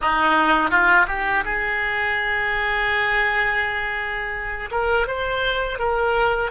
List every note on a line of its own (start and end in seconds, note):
0.01 0.70 D#4
0.70 1.06 F4
1.07 1.44 G4
1.44 4.70 G#4
4.71 5.07 A#4
5.07 5.78 C5
5.78 6.51 A#4